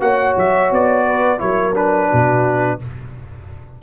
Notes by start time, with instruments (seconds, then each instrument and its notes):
0.00 tuba A#3, trombone F#4, horn C#5, trumpet F#5
0.36 tuba F#3, trumpet E5
0.71 tuba B3, trumpet D5
1.05 horn B4
1.38 tuba F#3, trombone E4, horn A#4, trumpet C#5
1.74 trombone D4, trumpet B4
2.10 tuba B2, horn F#4